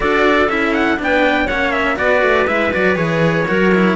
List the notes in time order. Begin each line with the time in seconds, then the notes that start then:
0.00 D4 F#4 A4 D5
0.47 C#4 E4 E5
0.73 F#5
0.96 B3 D4 B4
1.03 G5
1.44 A#3 C#4 C#5 F#5
1.71 E5
1.96 B3 F#4 B4 D5
2.22 A3
2.47 G#3 E4 E5
2.73 F#3 F#4 D5
2.95 E3 G#4 C#5
3.47 F#3 F#4 A#4
3.74 E4